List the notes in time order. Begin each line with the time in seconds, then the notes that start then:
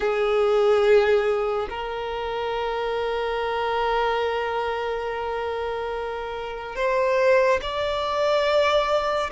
0.00 G#4
1.69 A#4
6.75 C5
7.61 D5